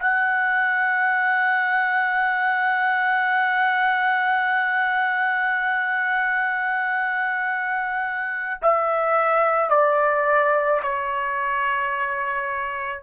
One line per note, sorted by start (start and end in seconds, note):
0.00 8.61 F#5
8.63 9.70 E5
9.70 10.81 D5
10.83 13.03 C#5